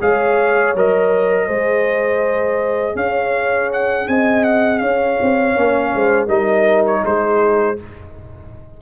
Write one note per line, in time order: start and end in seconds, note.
0.00 0.75 G#3
0.00 0.75 G#4
0.00 1.46 C#5
0.00 0.76 F5
0.75 1.49 F#3
0.75 1.49 A#4
0.75 2.96 D#5
1.46 2.95 G#3
1.46 5.54 G#4
1.46 2.94 C5
2.95 4.06 C#4
2.95 4.07 C#5
2.95 3.71 F5
3.73 4.08 F#5
4.08 4.82 C4
4.08 4.81 D#5
4.08 4.44 G#5
4.44 4.78 F#5
4.78 5.19 C#4
4.78 5.92 C#5
4.78 6.27 F5
5.22 5.57 C4
5.54 5.94 A#3
5.54 6.28 C#4
5.95 6.27 G#3
5.95 6.27 C5
6.27 7.01 G3
6.27 7.76 D#4
6.27 7.01 A#4
6.27 6.84 D#5
6.86 7.05 C#5
7.05 7.79 G#3
7.05 7.81 G#4
7.05 7.79 C5